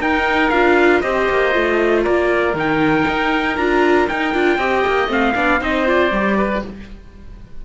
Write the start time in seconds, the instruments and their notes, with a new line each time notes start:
0.00 cello D#4, viola D#4, oboe A#4, trumpet G5
0.49 cello D4, viola F4, trumpet F5
1.01 cello C4, viola G4, oboe C5, trumpet D#5
1.29 cello A#3
1.52 cello A3, viola F4
2.04 cello A#3, oboe A#4, trumpet D5
2.54 cello D#3, viola D#4, trumpet G5
3.08 cello D#4
3.57 cello D4, viola F4, trumpet A#5
4.08 cello D#4, viola D#4, trumpet G5
4.33 cello D4, viola F4
4.58 cello C4, viola G4, oboe D#5
4.87 cello A#3
5.08 cello A3, viola C4, trumpet F5
5.34 cello B3, viola D4, oboe D5
5.60 cello C4, viola D#4, oboe C5, trumpet D#5
5.85 viola F4, trumpet D5
6.11 cello G3, viola G4
6.37 oboe B4